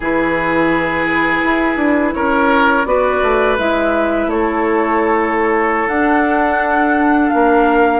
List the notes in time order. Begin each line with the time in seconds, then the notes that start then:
0.00 E3 E4 G#4 B4
1.44 E4
1.76 D4
2.14 C#4 A#4 C#5
2.85 B3 F#4 B4 D5
3.22 A3
3.58 G#3 E4 E5
4.26 A3 A4 C#5
5.87 D4 F#5
7.29 A#3 A#4 F5